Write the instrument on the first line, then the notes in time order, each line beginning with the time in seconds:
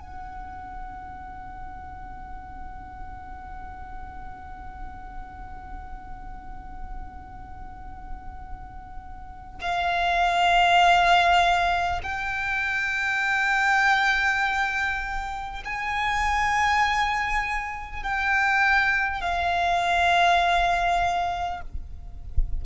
violin
0.00 F#5
9.62 F5
12.03 G5
15.65 G#5
18.03 G5
19.22 F5